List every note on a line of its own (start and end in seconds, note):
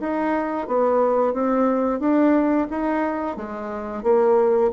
0.00 0.67 D#4
0.67 1.33 B3
1.33 1.99 C4
1.99 2.67 D4
2.70 3.36 D#4
3.36 4.03 G#3
4.03 4.70 A#3